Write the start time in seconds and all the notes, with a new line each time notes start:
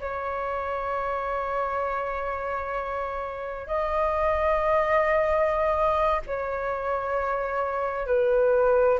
0.00 C#5
3.67 D#5
6.26 C#5
8.07 B4